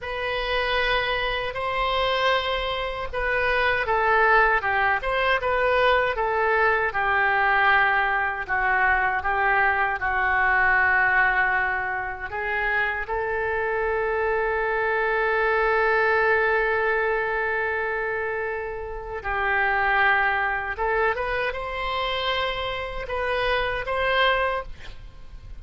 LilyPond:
\new Staff \with { instrumentName = "oboe" } { \time 4/4 \tempo 4 = 78 b'2 c''2 | b'4 a'4 g'8 c''8 b'4 | a'4 g'2 fis'4 | g'4 fis'2. |
gis'4 a'2.~ | a'1~ | a'4 g'2 a'8 b'8 | c''2 b'4 c''4 | }